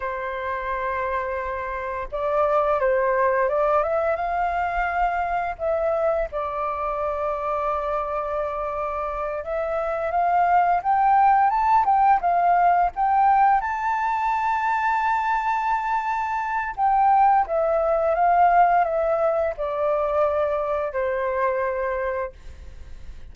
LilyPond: \new Staff \with { instrumentName = "flute" } { \time 4/4 \tempo 4 = 86 c''2. d''4 | c''4 d''8 e''8 f''2 | e''4 d''2.~ | d''4. e''4 f''4 g''8~ |
g''8 a''8 g''8 f''4 g''4 a''8~ | a''1 | g''4 e''4 f''4 e''4 | d''2 c''2 | }